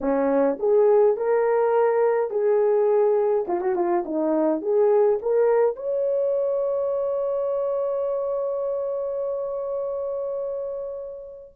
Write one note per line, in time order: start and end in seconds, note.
0.01 0.58 C#4
0.59 1.16 G#4
1.16 2.30 A#4
2.30 3.45 G#4
3.47 3.61 F4
3.61 3.75 F#4
3.75 4.04 F4
4.05 4.61 D#4
4.61 5.19 G#4
5.22 5.75 A#4
5.75 11.52 C#5